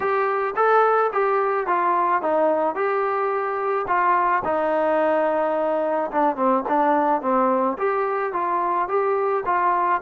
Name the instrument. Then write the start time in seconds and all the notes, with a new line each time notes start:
trombone
0.00 G4
0.56 A4
1.12 G4
1.67 F4
2.22 D#4
2.75 G4
3.87 F4
4.44 D#4
6.11 D4
6.36 C4
6.68 D4
7.21 C4
7.78 G4
8.32 F4
8.88 G4
9.45 F4